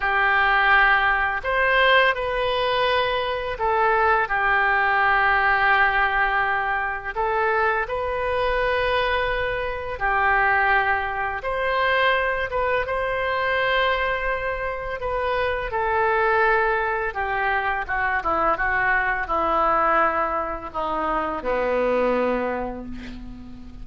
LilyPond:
\new Staff \with { instrumentName = "oboe" } { \time 4/4 \tempo 4 = 84 g'2 c''4 b'4~ | b'4 a'4 g'2~ | g'2 a'4 b'4~ | b'2 g'2 |
c''4. b'8 c''2~ | c''4 b'4 a'2 | g'4 fis'8 e'8 fis'4 e'4~ | e'4 dis'4 b2 | }